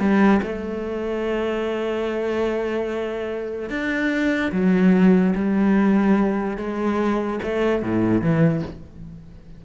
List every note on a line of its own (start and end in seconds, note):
0.00 0.41 G3
0.43 3.70 A3
3.70 4.52 D4
4.52 5.35 F#3
5.36 6.58 G3
6.58 7.40 G#3
7.43 7.83 A3
7.83 8.22 A2
8.22 8.63 E3